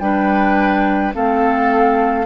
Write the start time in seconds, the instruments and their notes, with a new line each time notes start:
0.00 bassoon G3, clarinet D4, oboe B4, flute G5
1.14 bassoon A3, clarinet C4, oboe A4, flute F5